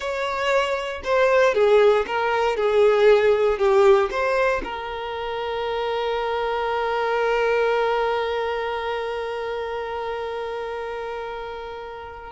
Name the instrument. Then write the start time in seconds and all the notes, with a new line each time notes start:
violin
0.00 C#5
1.04 C5
1.54 G#4
2.07 A#4
2.56 G#4
3.58 G4
4.10 C5
4.64 A#4